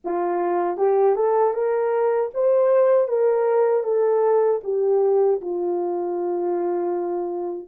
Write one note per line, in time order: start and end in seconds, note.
0.04 0.77 F4
0.77 1.15 G4
1.15 1.53 A4
1.53 2.30 A#4
2.34 3.08 C5
3.08 3.83 A#4
3.83 4.60 A4
4.63 5.40 G4
5.41 7.68 F4